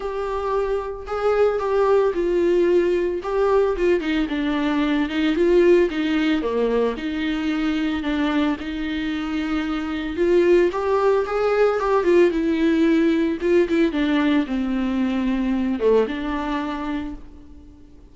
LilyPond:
\new Staff \with { instrumentName = "viola" } { \time 4/4 \tempo 4 = 112 g'2 gis'4 g'4 | f'2 g'4 f'8 dis'8 | d'4. dis'8 f'4 dis'4 | ais4 dis'2 d'4 |
dis'2. f'4 | g'4 gis'4 g'8 f'8 e'4~ | e'4 f'8 e'8 d'4 c'4~ | c'4. a8 d'2 | }